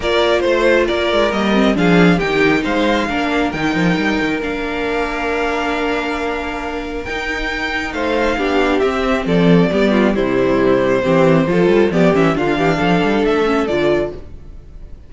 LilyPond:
<<
  \new Staff \with { instrumentName = "violin" } { \time 4/4 \tempo 4 = 136 d''4 c''4 d''4 dis''4 | f''4 g''4 f''2 | g''2 f''2~ | f''1 |
g''2 f''2 | e''4 d''2 c''4~ | c''2. d''8 e''8 | f''2 e''4 d''4 | }
  \new Staff \with { instrumentName = "violin" } { \time 4/4 ais'4 c''4 ais'2 | gis'4 g'4 c''4 ais'4~ | ais'1~ | ais'1~ |
ais'2 c''4 g'4~ | g'4 a'4 g'8 f'8 e'4~ | e'4 g'4 a'4 g'4 | f'8 g'8 a'2. | }
  \new Staff \with { instrumentName = "viola" } { \time 4/4 f'2. ais8 c'8 | d'4 dis'2 d'4 | dis'2 d'2~ | d'1 |
dis'2. d'4 | c'2 b4 g4~ | g4 c'4 f'4 b8 cis'8 | d'2~ d'8 cis'8 f'4 | }
  \new Staff \with { instrumentName = "cello" } { \time 4/4 ais4 a4 ais8 gis8 g4 | f4 dis4 gis4 ais4 | dis8 f8 g8 dis8 ais2~ | ais1 |
dis'2 a4 b4 | c'4 f4 g4 c4~ | c4 e4 f8 g8 f8 e8 | d8 e8 f8 g8 a4 d4 | }
>>